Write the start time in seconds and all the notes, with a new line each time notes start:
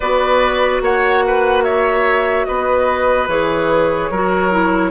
0.00 B3 F#4 B4 D5
0.81 A#3 C#5 F#5
1.27 B4
1.63 C#5 E5
2.45 B3 B4 D#5
3.27 E3 G#4 C#5
4.10 F#3 F#4 A#4
4.51 E4